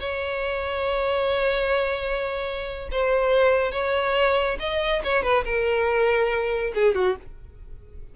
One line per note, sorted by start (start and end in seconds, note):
0.00 2.89 C#5
2.92 3.72 C5
3.72 4.58 C#5
4.60 5.02 D#5
5.04 5.23 C#5
5.23 5.44 B4
5.45 6.73 A#4
6.75 6.95 G#4
6.95 7.16 F#4